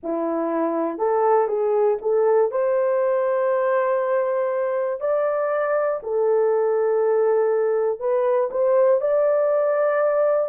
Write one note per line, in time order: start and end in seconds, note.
0.03 0.97 E4
0.97 1.47 A4
1.47 1.97 G#4
2.01 2.50 A4
2.50 5.00 C5
5.00 6.00 D5
6.02 8.00 A4
8.00 8.50 B4
8.50 9.00 C5
9.00 10.48 D5